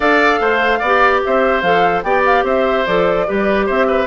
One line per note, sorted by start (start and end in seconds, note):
0.00 0.39 D4
0.00 0.78 A4
0.00 0.40 D5
0.00 1.19 F5
0.39 0.80 A3
0.39 0.79 C5
0.79 1.21 B3
0.79 1.20 D5
0.85 1.63 G4
1.24 1.62 C4
1.24 2.04 C5
1.24 1.60 E5
1.60 2.03 F3
1.60 2.04 A4
1.60 2.01 F5
2.03 2.43 B3
2.03 2.86 G4
2.03 2.44 D5
2.03 2.23 G5
2.25 2.46 F5
2.43 2.84 C4
2.43 3.26 C5
2.43 2.85 E5
2.85 3.27 F3
2.85 3.27 A4
2.85 3.67 D5
3.27 3.69 G3
3.27 4.06 G4
3.27 3.65 B4
3.65 4.06 C4
3.65 3.86 C5
3.65 4.06 E5
3.87 4.06 B4